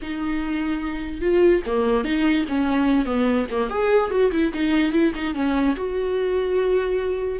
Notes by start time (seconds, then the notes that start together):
0.01 D#4
1.21 F4
1.66 A#3
2.04 D#4
2.48 C#4
3.05 B3
3.50 A#3
3.69 G#4
4.10 F#4
4.31 E4
4.53 D#4
4.92 E4
5.14 D#4
5.34 C#4
5.76 F#4